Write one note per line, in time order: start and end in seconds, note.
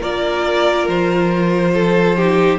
0.00 0.87 A#3
0.00 2.16 F4
0.00 1.71 A#4
0.00 0.87 D5
0.88 2.59 F3
0.88 2.59 C5
1.74 2.16 A4
2.16 2.59 D#4
2.16 2.59 G4